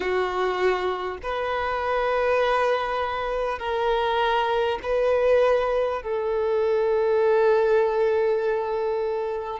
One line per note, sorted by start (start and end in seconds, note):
0.00 1.17 F#4
1.22 3.58 B4
3.58 4.78 A#4
4.82 6.02 B4
6.02 9.59 A4